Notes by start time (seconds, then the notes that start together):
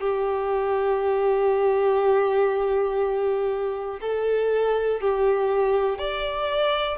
0.00 G4
4.01 A4
5.01 G4
5.99 D5